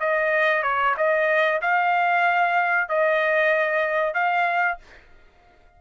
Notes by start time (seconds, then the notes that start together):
0.00 D#5
0.63 C#5
0.97 D#5
1.62 F5
2.89 D#5
4.14 F5